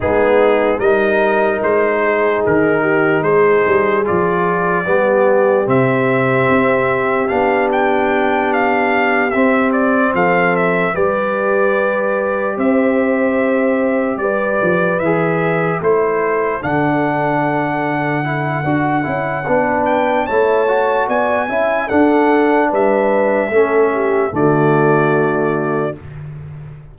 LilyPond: <<
  \new Staff \with { instrumentName = "trumpet" } { \time 4/4 \tempo 4 = 74 gis'4 dis''4 c''4 ais'4 | c''4 d''2 e''4~ | e''4 f''8 g''4 f''4 e''8 | d''8 f''8 e''8 d''2 e''8~ |
e''4. d''4 e''4 c''8~ | c''8 fis''2.~ fis''8~ | fis''8 g''8 a''4 gis''4 fis''4 | e''2 d''2 | }
  \new Staff \with { instrumentName = "horn" } { \time 4/4 dis'4 ais'4. gis'4 g'8 | gis'2 g'2~ | g'1~ | g'8 a'4 b'2 c''8~ |
c''4. b'2 a'8~ | a'1 | b'4 cis''4 d''8 e''8 a'4 | b'4 a'8 g'8 fis'2 | }
  \new Staff \with { instrumentName = "trombone" } { \time 4/4 b4 dis'2.~ | dis'4 f'4 b4 c'4~ | c'4 d'2~ d'8 c'8~ | c'4. g'2~ g'8~ |
g'2~ g'8 gis'4 e'8~ | e'8 d'2 e'8 fis'8 e'8 | d'4 e'8 fis'4 e'8 d'4~ | d'4 cis'4 a2 | }
  \new Staff \with { instrumentName = "tuba" } { \time 4/4 gis4 g4 gis4 dis4 | gis8 g8 f4 g4 c4 | c'4 b2~ b8 c'8~ | c'8 f4 g2 c'8~ |
c'4. g8 f8 e4 a8~ | a8 d2~ d8 d'8 cis'8 | b4 a4 b8 cis'8 d'4 | g4 a4 d2 | }
>>